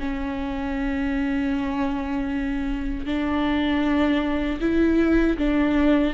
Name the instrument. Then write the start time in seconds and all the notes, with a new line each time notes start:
viola
0.00 C#4
3.06 D4
4.61 E4
5.38 D4